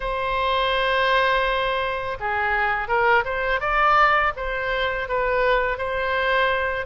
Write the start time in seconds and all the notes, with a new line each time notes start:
0.00 C5
2.19 G#4
2.88 A#4
3.24 C5
3.60 D5
4.36 C5
5.08 B4
5.77 C5